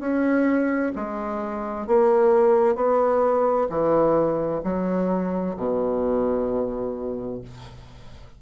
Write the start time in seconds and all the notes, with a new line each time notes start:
0.00 C#4
0.95 G#3
1.87 A#3
2.76 B3
3.69 E3
4.64 F#3
5.57 B2